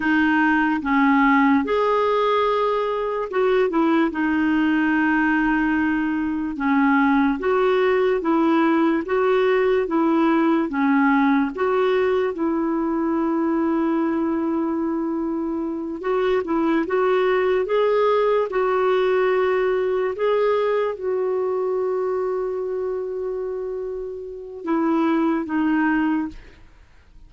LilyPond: \new Staff \with { instrumentName = "clarinet" } { \time 4/4 \tempo 4 = 73 dis'4 cis'4 gis'2 | fis'8 e'8 dis'2. | cis'4 fis'4 e'4 fis'4 | e'4 cis'4 fis'4 e'4~ |
e'2.~ e'8 fis'8 | e'8 fis'4 gis'4 fis'4.~ | fis'8 gis'4 fis'2~ fis'8~ | fis'2 e'4 dis'4 | }